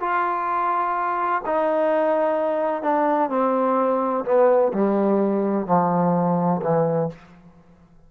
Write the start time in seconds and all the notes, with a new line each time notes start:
0.00 F4
1.46 D#4
2.83 D4
3.30 C4
4.25 B3
4.73 G3
5.66 F3
6.62 E3